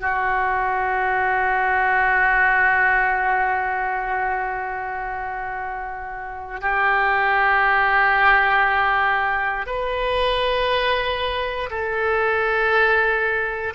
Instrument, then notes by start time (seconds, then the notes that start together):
oboe
0.00 F#4
6.61 G4
9.67 B4
11.70 A4